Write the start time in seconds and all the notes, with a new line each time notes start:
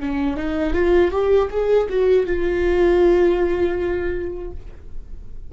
0.00 C#4
0.36 D#4
0.74 F4
1.11 G4
1.50 G#4
1.89 F#4
2.26 F4